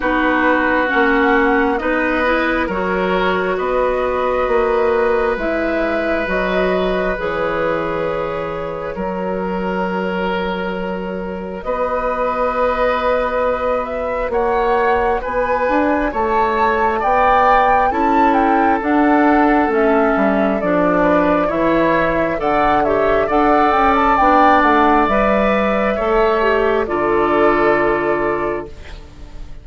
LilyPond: <<
  \new Staff \with { instrumentName = "flute" } { \time 4/4 \tempo 4 = 67 b'4 fis''4 dis''4 cis''4 | dis''2 e''4 dis''4 | cis''1~ | cis''4 dis''2~ dis''8 e''8 |
fis''4 gis''4 a''4 g''4 | a''8 g''8 fis''4 e''4 d''4 | e''4 fis''8 e''8 fis''8 g''16 a''16 g''8 fis''8 | e''2 d''2 | }
  \new Staff \with { instrumentName = "oboe" } { \time 4/4 fis'2 b'4 ais'4 | b'1~ | b'2 ais'2~ | ais'4 b'2. |
cis''4 b'4 cis''4 d''4 | a'2.~ a'8 b'8 | cis''4 d''8 cis''8 d''2~ | d''4 cis''4 a'2 | }
  \new Staff \with { instrumentName = "clarinet" } { \time 4/4 dis'4 cis'4 dis'8 e'8 fis'4~ | fis'2 e'4 fis'4 | gis'2 fis'2~ | fis'1~ |
fis'1 | e'4 d'4 cis'4 d'4 | e'4 a'8 g'8 a'4 d'4 | b'4 a'8 g'8 f'2 | }
  \new Staff \with { instrumentName = "bassoon" } { \time 4/4 b4 ais4 b4 fis4 | b4 ais4 gis4 fis4 | e2 fis2~ | fis4 b2. |
ais4 b8 d'8 a4 b4 | cis'4 d'4 a8 g8 f4 | e4 d4 d'8 cis'8 b8 a8 | g4 a4 d2 | }
>>